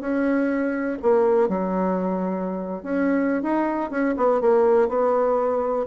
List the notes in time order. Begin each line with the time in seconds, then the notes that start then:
0.00 C#4
1.02 A#3
1.48 F#3
2.82 C#4
3.42 D#4
3.90 C#4
4.16 B3
4.41 A#3
4.88 B3